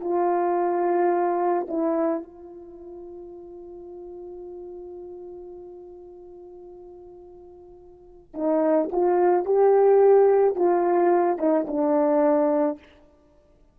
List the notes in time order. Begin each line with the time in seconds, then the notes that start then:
0.00 F4
1.68 E4
2.23 F4
8.34 D#4
8.91 F4
9.45 G4
10.56 F4
11.38 D#4
11.67 D4